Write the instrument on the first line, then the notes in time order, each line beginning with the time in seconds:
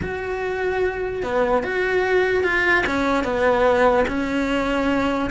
cello
0.02 F#4
1.22 B3
1.63 F#4
2.43 F4
2.86 C#4
3.24 B3
4.07 C#4